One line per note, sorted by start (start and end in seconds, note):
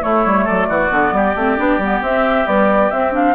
0.00 0.89 A3
0.00 0.25 A3
0.00 0.44 E4
0.00 0.47 C#5
0.25 0.47 G3
0.44 0.68 F#3
0.44 0.66 A4
0.44 2.02 D5
0.68 0.90 E3
0.68 1.13 F#4
0.91 1.12 D3
0.91 1.35 B3
1.12 1.34 G3
1.12 3.35 G4
1.35 1.57 A3
1.35 1.57 C4
1.57 1.78 B3
1.57 1.80 D4
1.78 2.00 G3
1.78 2.03 B3
2.01 2.46 C4
2.01 2.45 C4
2.01 2.47 E5
2.45 2.90 G3
2.45 2.90 B3
2.45 2.90 D5
2.90 3.35 C4
2.90 3.12 C4
2.90 3.13 E5
3.12 3.34 D4
3.12 3.35 F5